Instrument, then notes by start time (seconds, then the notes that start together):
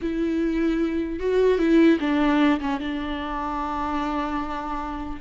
viola
0.01 E4
1.19 F#4
1.58 E4
1.99 D4
2.60 C#4
2.80 D4